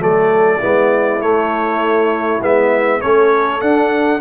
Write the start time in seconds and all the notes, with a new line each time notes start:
0.00 F#3 A3 A4 D5
0.60 G#3 B3 E4
1.21 A3 C#5
2.42 G#3 B3 E5
3.02 A3 C#4 A4 C#5
3.60 D4 F#5